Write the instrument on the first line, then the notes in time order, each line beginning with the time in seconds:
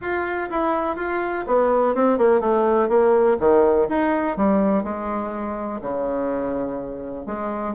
bassoon
0.01 F4
0.50 E4
0.96 F4
1.46 B3
1.94 C4
2.18 A#3
2.40 A3
2.89 A#3
3.39 D#3
3.88 D#4
4.37 G3
4.83 G#3
5.81 C#3
7.26 G#3